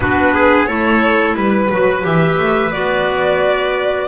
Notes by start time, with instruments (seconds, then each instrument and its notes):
0.00 double bass B3, clarinet D4, trumpet F#4, violin B4
0.34 trumpet G#4
0.66 double bass A3, clarinet E4, trumpet A4, violin C#5
1.35 double bass G3, violin B4, trumpet B4
1.71 double bass F#3, clarinet F#4
2.02 double bass E3, clarinet G4, violin E5
2.38 double bass A3
2.71 double bass B3, clarinet F#4, violin D5